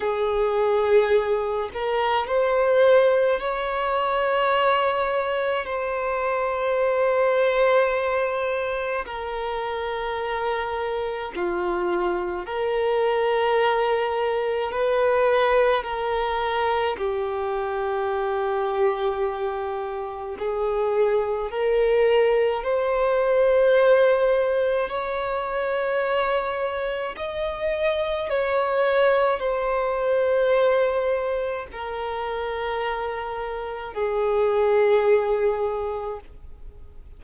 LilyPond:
\new Staff \with { instrumentName = "violin" } { \time 4/4 \tempo 4 = 53 gis'4. ais'8 c''4 cis''4~ | cis''4 c''2. | ais'2 f'4 ais'4~ | ais'4 b'4 ais'4 g'4~ |
g'2 gis'4 ais'4 | c''2 cis''2 | dis''4 cis''4 c''2 | ais'2 gis'2 | }